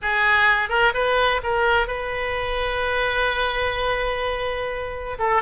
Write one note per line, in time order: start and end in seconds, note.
0.02 0.69 G#4
0.69 0.92 A#4
0.94 1.41 B4
1.43 1.87 A#4
1.87 5.17 B4
5.18 5.42 A4